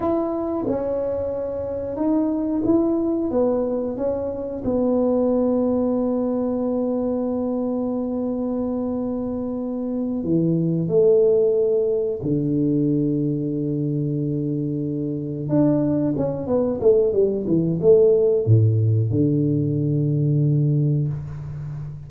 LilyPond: \new Staff \with { instrumentName = "tuba" } { \time 4/4 \tempo 4 = 91 e'4 cis'2 dis'4 | e'4 b4 cis'4 b4~ | b1~ | b2.~ b8 e8~ |
e8 a2 d4.~ | d2.~ d8 d'8~ | d'8 cis'8 b8 a8 g8 e8 a4 | a,4 d2. | }